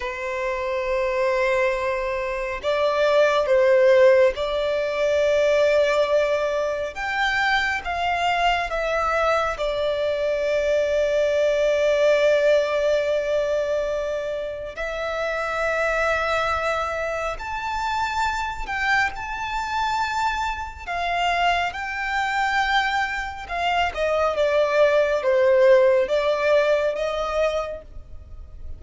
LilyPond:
\new Staff \with { instrumentName = "violin" } { \time 4/4 \tempo 4 = 69 c''2. d''4 | c''4 d''2. | g''4 f''4 e''4 d''4~ | d''1~ |
d''4 e''2. | a''4. g''8 a''2 | f''4 g''2 f''8 dis''8 | d''4 c''4 d''4 dis''4 | }